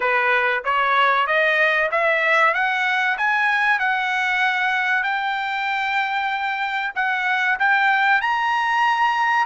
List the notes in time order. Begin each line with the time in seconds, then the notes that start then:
0.00 B4
0.64 C#5
1.27 D#5
1.91 E5
2.53 F#5
3.18 G#5
3.79 F#5
5.03 G5
6.95 F#5
7.59 G5
8.21 A#5